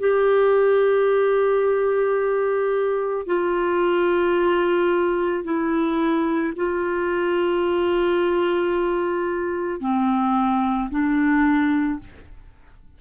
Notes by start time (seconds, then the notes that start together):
0.00 G4
3.27 F4
5.44 E4
6.56 F4
9.81 C4
10.90 D4